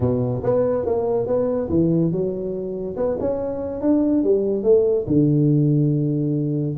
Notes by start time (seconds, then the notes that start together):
0.00 B2
0.43 B3
0.85 A#3
1.26 B3
1.69 E3
2.11 F#3
2.96 B3
3.19 C#4
3.81 D4
4.23 G3
4.63 A3
5.07 D3